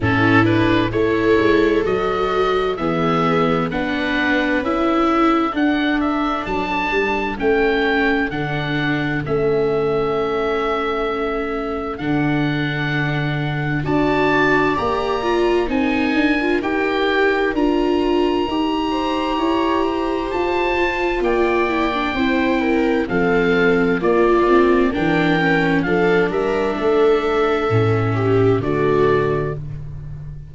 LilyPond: <<
  \new Staff \with { instrumentName = "oboe" } { \time 4/4 \tempo 4 = 65 a'8 b'8 cis''4 dis''4 e''4 | fis''4 e''4 fis''8 e''8 a''4 | g''4 fis''4 e''2~ | e''4 fis''2 a''4 |
ais''4 gis''4 g''4 ais''4~ | ais''2 a''4 g''4~ | g''4 f''4 d''4 g''4 | f''8 e''2~ e''8 d''4 | }
  \new Staff \with { instrumentName = "viola" } { \time 4/4 e'4 a'2 gis'4 | b'4. a'2~ a'8~ | a'1~ | a'2. d''4~ |
d''4 ais'2.~ | ais'8 c''8 cis''8 c''4. d''4 | c''8 ais'8 a'4 f'4 ais'4 | a'8 ais'8 a'4. g'8 fis'4 | }
  \new Staff \with { instrumentName = "viola" } { \time 4/4 cis'8 d'8 e'4 fis'4 b4 | d'4 e'4 d'2 | cis'4 d'4 cis'2~ | cis'4 d'2 fis'4 |
g'8 f'8 dis'8. f'16 g'4 f'4 | g'2~ g'8 f'4 e'16 d'16 | e'4 c'4 ais8 c'8 d'8 cis'8 | d'2 cis'4 a4 | }
  \new Staff \with { instrumentName = "tuba" } { \time 4/4 a,4 a8 gis8 fis4 e4 | b4 cis'4 d'4 fis8 g8 | a4 d4 a2~ | a4 d2 d'4 |
ais4 c'8 d'8 dis'4 d'4 | dis'4 e'4 f'4 ais4 | c'4 f4 ais4 e4 | f8 g8 a4 a,4 d4 | }
>>